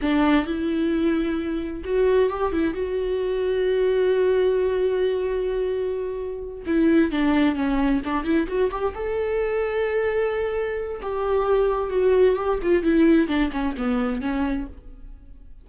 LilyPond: \new Staff \with { instrumentName = "viola" } { \time 4/4 \tempo 4 = 131 d'4 e'2. | fis'4 g'8 e'8 fis'2~ | fis'1~ | fis'2~ fis'8 e'4 d'8~ |
d'8 cis'4 d'8 e'8 fis'8 g'8 a'8~ | a'1 | g'2 fis'4 g'8 f'8 | e'4 d'8 cis'8 b4 cis'4 | }